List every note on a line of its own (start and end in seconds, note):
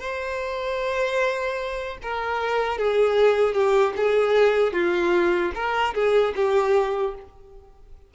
0.00 1.97 C5
2.02 2.78 A#4
2.78 3.54 G#4
3.54 3.93 G4
3.96 4.73 G#4
4.73 5.52 F4
5.55 5.94 A#4
5.94 6.34 G#4
6.36 7.14 G4